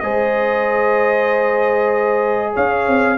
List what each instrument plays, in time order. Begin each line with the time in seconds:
0.00 tuba G#3, trombone G#4, horn C5, trumpet D#5
2.54 tuba C#4, horn C#5, trumpet F5
2.88 tuba C4